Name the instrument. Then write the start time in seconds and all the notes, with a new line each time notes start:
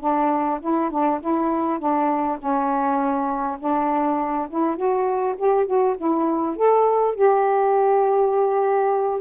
saxophone
0.00 D4
0.60 E4
0.90 D4
1.20 E4
1.79 D4
2.39 C#4
3.59 D4
4.49 E4
4.76 F#4
5.37 G4
5.66 F#4
5.97 E4
6.56 A4
7.15 G4